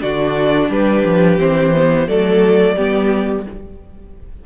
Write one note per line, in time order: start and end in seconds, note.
0.00 0.69 D3
0.00 1.38 D4
0.00 0.70 F#4
0.00 0.70 D5
0.69 1.03 G3
0.69 2.08 G4
0.69 1.39 B4
1.04 1.38 F3
1.38 2.07 E3
1.38 1.72 C4
1.38 2.08 C5
1.75 2.07 B3
2.07 2.76 F#3
2.07 2.76 A3
2.07 2.75 A4
2.07 3.46 D5
2.75 3.46 G3
2.75 3.46 B3
2.75 3.44 G4